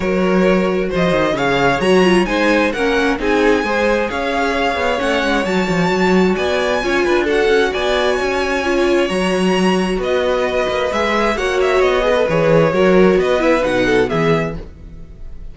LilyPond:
<<
  \new Staff \with { instrumentName = "violin" } { \time 4/4 \tempo 4 = 132 cis''2 dis''4 f''4 | ais''4 gis''4 fis''4 gis''4~ | gis''4 f''2 fis''4 | a''2 gis''2 |
fis''4 gis''2. | ais''2 dis''2 | e''4 fis''8 e''8 dis''4 cis''4~ | cis''4 dis''8 e''8 fis''4 e''4 | }
  \new Staff \with { instrumentName = "violin" } { \time 4/4 ais'2 c''4 cis''4~ | cis''4 c''4 ais'4 gis'4 | c''4 cis''2.~ | cis''2 d''4 cis''8 b'8 |
a'4 d''4 cis''2~ | cis''2 b'2~ | b'4 cis''4. b'4. | ais'4 b'4. a'8 gis'4 | }
  \new Staff \with { instrumentName = "viola" } { \time 4/4 fis'2. gis'4 | fis'8 f'8 dis'4 cis'4 dis'4 | gis'2. cis'4 | fis'2. f'4 |
fis'2. f'4 | fis'1 | gis'4 fis'4. gis'16 a'16 gis'4 | fis'4. e'8 dis'4 b4 | }
  \new Staff \with { instrumentName = "cello" } { \time 4/4 fis2 f8 dis8 cis4 | fis4 gis4 ais4 c'4 | gis4 cis'4. b8 a8 gis8 | fis8 f8 fis4 b4 cis'8 d'8~ |
d'8 cis'8 b4 cis'2 | fis2 b4. ais8 | gis4 ais4 b4 e4 | fis4 b4 b,4 e4 | }
>>